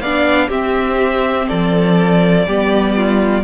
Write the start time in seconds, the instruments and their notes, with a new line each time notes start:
0.00 cello B3, viola D4, violin D5 F5
0.48 cello C4, viola C4, violin G4 E5
1.48 cello F3, violin A4 D5
2.46 cello G3, viola B3, violin G4
2.96 violin F4